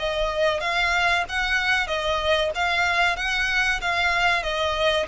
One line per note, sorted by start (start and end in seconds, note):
0.00 0.61 D#5
0.61 1.25 F5
1.29 1.88 F#5
1.88 2.52 D#5
2.55 3.17 F5
3.17 3.81 F#5
3.82 4.43 F5
4.43 5.07 D#5